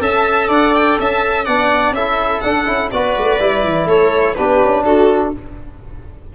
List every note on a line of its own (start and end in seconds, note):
0.00 0.49 C#4
0.00 1.45 A4
0.00 0.48 E5
0.00 0.51 A5
0.48 0.97 D4
0.48 0.97 D5
0.48 0.75 F#5
0.75 0.99 G5
1.00 1.47 C#4
1.00 1.45 E5
1.00 1.45 A5
1.45 1.92 B3
1.45 1.97 D4
1.45 1.94 D5
1.45 1.93 F#5
1.92 2.40 C#4
1.92 2.43 E4
1.92 2.92 A4
1.92 2.41 E5
2.41 2.66 D4
2.41 2.68 D4
2.41 2.89 F#5
2.66 2.92 C#4
2.66 2.90 E4
2.91 3.16 B3
2.91 3.40 F#4
2.91 3.87 B4
2.91 3.88 D5
3.17 3.40 A3
3.40 3.64 G3
3.40 4.36 E4
3.64 3.86 E3
3.86 4.34 A3
3.86 4.35 A4
3.86 4.35 C#5
4.35 4.63 B3
4.35 5.35 D4
4.35 4.85 G4
4.35 4.83 B4
4.64 4.85 C#4
4.85 5.33 D4
4.85 5.34 F#4
4.85 5.33 A4